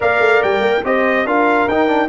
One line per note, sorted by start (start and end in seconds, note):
0.00 0.19 A#3
0.00 0.82 A#4
0.00 0.82 D5
0.00 0.42 F5
0.19 0.40 A3
0.42 0.60 G3
0.42 0.84 G5
0.60 0.81 A#3
0.84 1.25 C4
0.84 1.26 G4
0.84 1.26 C5
0.84 1.27 D#5
1.25 1.67 D4
1.25 1.68 F4
1.25 2.08 A#4
1.25 1.68 F5
1.67 2.08 D#4
1.67 1.87 D#4
1.67 2.08 G5
1.87 2.08 D4